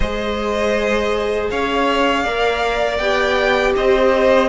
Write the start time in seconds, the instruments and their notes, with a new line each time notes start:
0.00 cello G#3, viola G#4, violin C5 D#5
1.50 cello C#4, violin C#5 F5
2.23 cello A#3, viola A#4, violin D5
2.97 cello B3, viola G4, violin G5
3.76 cello C4, violin C5 D#5